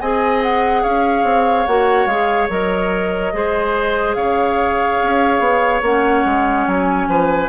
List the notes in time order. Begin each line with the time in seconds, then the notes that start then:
0.00 C4 G#4 D#5 G#5
0.43 F#5
0.82 C#4 C#5 F5
1.24 C4
1.66 A#3 F#4 F#5
2.06 G#3 G#4 F5
2.49 F#3 A#4 D#5
3.33 G#3 G#4 C5
4.14 C#3 C#5 F5
5.02 C#4
5.39 B3
5.82 A#3 C#4 F#5
6.25 G#3
6.67 F#3 G#5
7.08 F3 B4